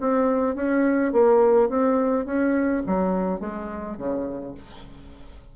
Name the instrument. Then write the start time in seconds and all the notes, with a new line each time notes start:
bassoon
0.00 C4
0.55 C#4
1.12 A#3
1.69 C4
2.25 C#4
2.86 F#3
3.40 G#3
3.97 C#3